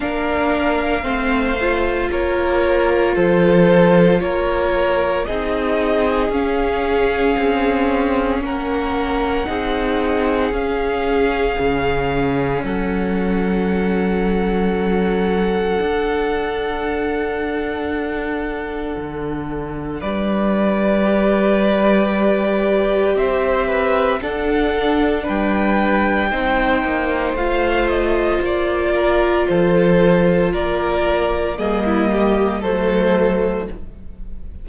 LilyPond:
<<
  \new Staff \with { instrumentName = "violin" } { \time 4/4 \tempo 4 = 57 f''2 cis''4 c''4 | cis''4 dis''4 f''2 | fis''2 f''2 | fis''1~ |
fis''2. d''4~ | d''2 e''4 fis''4 | g''2 f''8 dis''8 d''4 | c''4 d''4 dis''4 c''4 | }
  \new Staff \with { instrumentName = "violin" } { \time 4/4 ais'4 c''4 ais'4 a'4 | ais'4 gis'2. | ais'4 gis'2. | a'1~ |
a'2. b'4~ | b'2 c''8 b'8 a'4 | b'4 c''2~ c''8 ais'8 | a'4 ais'4 gis'16 e'16 g'8 a'4 | }
  \new Staff \with { instrumentName = "viola" } { \time 4/4 d'4 c'8 f'2~ f'8~ | f'4 dis'4 cis'2~ | cis'4 dis'4 cis'2~ | cis'2. d'4~ |
d'1 | g'2. d'4~ | d'4 dis'4 f'2~ | f'2 ais4 a4 | }
  \new Staff \with { instrumentName = "cello" } { \time 4/4 ais4 a4 ais4 f4 | ais4 c'4 cis'4 c'4 | ais4 c'4 cis'4 cis4 | fis2. d'4~ |
d'2 d4 g4~ | g2 c'4 d'4 | g4 c'8 ais8 a4 ais4 | f4 ais4 g4 fis4 | }
>>